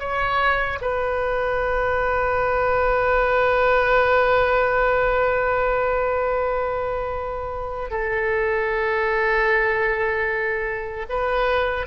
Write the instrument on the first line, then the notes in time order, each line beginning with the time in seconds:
oboe
0.00 C#5
0.81 B4
7.91 A4
11.09 B4